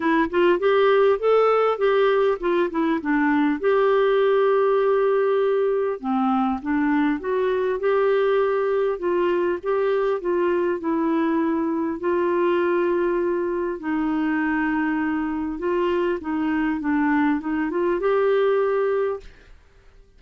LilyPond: \new Staff \with { instrumentName = "clarinet" } { \time 4/4 \tempo 4 = 100 e'8 f'8 g'4 a'4 g'4 | f'8 e'8 d'4 g'2~ | g'2 c'4 d'4 | fis'4 g'2 f'4 |
g'4 f'4 e'2 | f'2. dis'4~ | dis'2 f'4 dis'4 | d'4 dis'8 f'8 g'2 | }